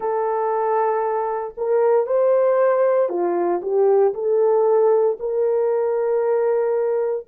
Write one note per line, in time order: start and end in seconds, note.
0.00 1.54 A4
1.57 2.06 A#4
2.06 3.08 C5
3.08 3.60 F4
3.62 4.13 G4
4.14 5.17 A4
5.19 7.26 A#4